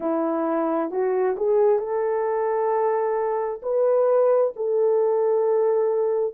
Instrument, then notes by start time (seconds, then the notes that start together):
horn
0.00 E4
0.90 F#4
1.36 G#4
1.79 A4
3.62 B4
4.55 A4